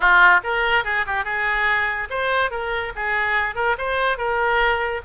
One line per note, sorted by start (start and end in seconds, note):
0.00 0.40 F4
0.43 0.84 A#4
0.84 1.05 G#4
1.06 1.24 G4
1.24 2.08 G#4
2.10 2.50 C5
2.50 2.92 A#4
2.95 3.55 G#4
3.55 3.76 A#4
3.78 4.17 C5
4.17 5.01 A#4